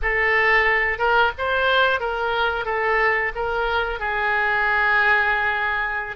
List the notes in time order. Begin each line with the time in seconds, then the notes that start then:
0.02 A4
0.98 A#4
1.38 C5
2.00 A#4
2.65 A4
3.35 A#4
3.99 G#4